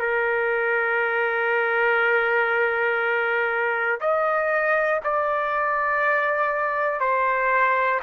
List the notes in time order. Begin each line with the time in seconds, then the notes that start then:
0.00 A#4
4.01 D#5
5.04 D5
7.01 C5